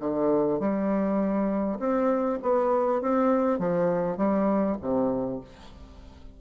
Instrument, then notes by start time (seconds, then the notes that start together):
bassoon
0.00 D3
0.59 G3
1.79 C4
2.42 B3
3.02 C4
3.59 F3
4.17 G3
4.81 C3